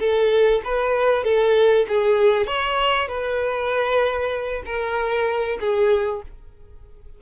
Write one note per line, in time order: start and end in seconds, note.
0.00 0.62 A4
0.65 1.25 B4
1.25 1.86 A4
1.89 2.47 G#4
2.47 3.09 C#5
3.09 4.63 B4
4.66 5.59 A#4
5.61 6.22 G#4